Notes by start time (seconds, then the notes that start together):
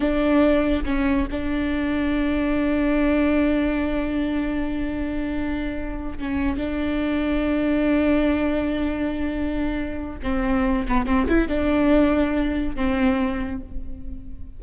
0.00 D4
0.85 C#4
1.31 D4
6.18 C#4
6.57 D4
10.22 C4
10.88 B3
11.06 C4
11.28 E4
11.47 D4
12.75 C4